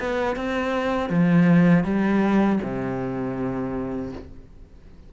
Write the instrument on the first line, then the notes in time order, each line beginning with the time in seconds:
cello
0.00 B3
0.36 C4
1.10 F3
1.84 G3
2.62 C3